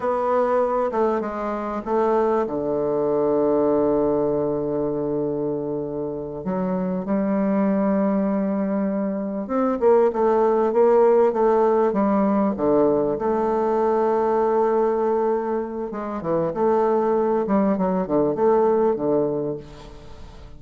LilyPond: \new Staff \with { instrumentName = "bassoon" } { \time 4/4 \tempo 4 = 98 b4. a8 gis4 a4 | d1~ | d2~ d8 fis4 g8~ | g2.~ g8 c'8 |
ais8 a4 ais4 a4 g8~ | g8 d4 a2~ a8~ | a2 gis8 e8 a4~ | a8 g8 fis8 d8 a4 d4 | }